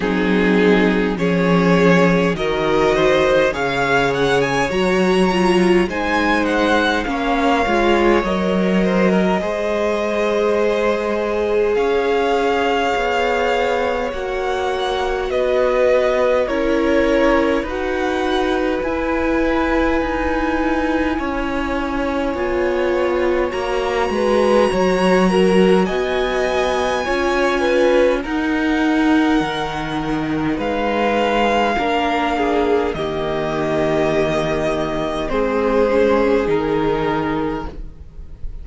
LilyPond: <<
  \new Staff \with { instrumentName = "violin" } { \time 4/4 \tempo 4 = 51 gis'4 cis''4 dis''4 f''8 fis''16 gis''16 | ais''4 gis''8 fis''8 f''4 dis''4~ | dis''2 f''2 | fis''4 dis''4 cis''4 fis''4 |
gis''1 | ais''2 gis''2 | fis''2 f''2 | dis''2 c''4 ais'4 | }
  \new Staff \with { instrumentName = "violin" } { \time 4/4 dis'4 gis'4 ais'8 c''8 cis''4~ | cis''4 c''4 cis''4. c''16 ais'16 | c''2 cis''2~ | cis''4 b'4 ais'4 b'4~ |
b'2 cis''2~ | cis''8 b'8 cis''8 ais'8 dis''4 cis''8 b'8 | ais'2 b'4 ais'8 gis'8 | g'2 gis'2 | }
  \new Staff \with { instrumentName = "viola" } { \time 4/4 c'4 cis'4 fis'4 gis'4 | fis'8 f'8 dis'4 cis'8 f'8 ais'4 | gis'1 | fis'2 e'4 fis'4 |
e'2. f'4 | fis'2. f'4 | dis'2. d'4 | ais2 c'8 cis'8 dis'4 | }
  \new Staff \with { instrumentName = "cello" } { \time 4/4 fis4 f4 dis4 cis4 | fis4 gis4 ais8 gis8 fis4 | gis2 cis'4 b4 | ais4 b4 cis'4 dis'4 |
e'4 dis'4 cis'4 b4 | ais8 gis8 fis4 b4 cis'4 | dis'4 dis4 gis4 ais4 | dis2 gis4 dis4 | }
>>